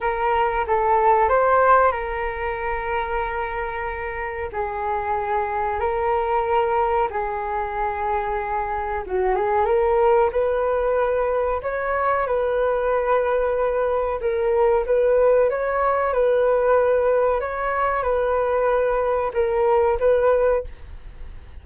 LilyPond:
\new Staff \with { instrumentName = "flute" } { \time 4/4 \tempo 4 = 93 ais'4 a'4 c''4 ais'4~ | ais'2. gis'4~ | gis'4 ais'2 gis'4~ | gis'2 fis'8 gis'8 ais'4 |
b'2 cis''4 b'4~ | b'2 ais'4 b'4 | cis''4 b'2 cis''4 | b'2 ais'4 b'4 | }